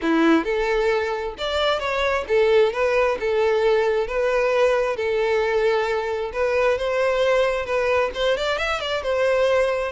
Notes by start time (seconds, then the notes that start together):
0.02 E4
0.44 A4
1.38 D5
1.79 C#5
2.28 A4
2.73 B4
3.20 A4
4.07 B4
4.96 A4
6.33 B4
6.78 C5
7.65 B4
8.14 C5
8.37 D5
8.58 E5
8.80 D5
9.02 C5